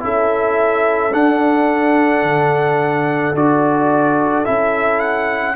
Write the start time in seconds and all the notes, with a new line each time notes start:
0.00 C#4 E4 A4 E5
1.12 D4 F#5
2.22 D3
3.34 D4 F#4 D5
4.45 C#4 E4 E5
5.00 F#5